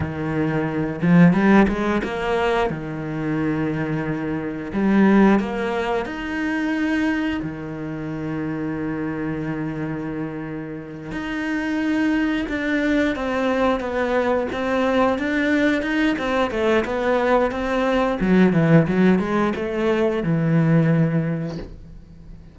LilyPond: \new Staff \with { instrumentName = "cello" } { \time 4/4 \tempo 4 = 89 dis4. f8 g8 gis8 ais4 | dis2. g4 | ais4 dis'2 dis4~ | dis1~ |
dis8 dis'2 d'4 c'8~ | c'8 b4 c'4 d'4 dis'8 | c'8 a8 b4 c'4 fis8 e8 | fis8 gis8 a4 e2 | }